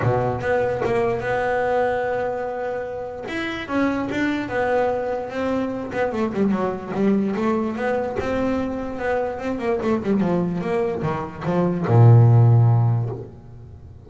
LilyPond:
\new Staff \with { instrumentName = "double bass" } { \time 4/4 \tempo 4 = 147 b,4 b4 ais4 b4~ | b1 | e'4 cis'4 d'4 b4~ | b4 c'4. b8 a8 g8 |
fis4 g4 a4 b4 | c'2 b4 c'8 ais8 | a8 g8 f4 ais4 dis4 | f4 ais,2. | }